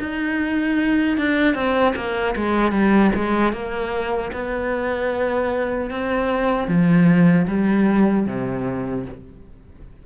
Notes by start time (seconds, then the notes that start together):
0.00 D#4
1.17 D4
1.55 C4
1.96 A#3
2.36 G#3
2.72 G3
3.15 G#3
3.53 A#3
4.32 B3
5.91 C4
6.68 F3
7.47 G3
8.26 C3